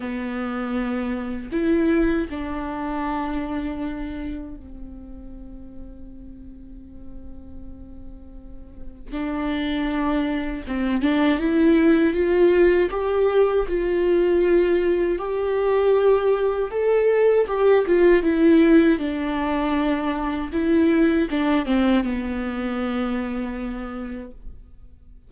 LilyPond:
\new Staff \with { instrumentName = "viola" } { \time 4/4 \tempo 4 = 79 b2 e'4 d'4~ | d'2 c'2~ | c'1 | d'2 c'8 d'8 e'4 |
f'4 g'4 f'2 | g'2 a'4 g'8 f'8 | e'4 d'2 e'4 | d'8 c'8 b2. | }